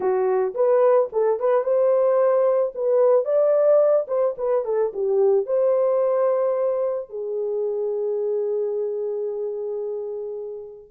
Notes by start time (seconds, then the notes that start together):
0.00 F#4
0.54 B4
1.12 A4
1.39 B4
1.63 C5
2.74 B4
3.24 D5
4.07 C5
4.37 B4
4.65 A4
4.93 G4
5.45 C5
7.09 G#4